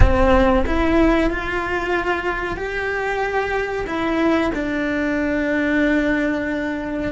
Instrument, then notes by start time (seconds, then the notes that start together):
cello
0.00 C4
0.66 E4
1.30 F4
2.56 G4
3.86 E4
4.54 D4